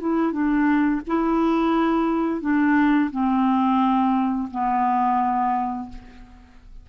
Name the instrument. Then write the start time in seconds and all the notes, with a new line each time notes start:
clarinet
0.00 E4
0.32 D4
1.07 E4
2.41 D4
3.11 C4
4.51 B3